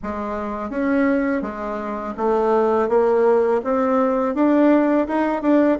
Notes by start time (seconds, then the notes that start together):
0.02 G#3
0.70 C#4
1.41 G#3
2.17 A3
2.88 A#3
3.63 C4
4.34 D4
5.07 D#4
5.42 D4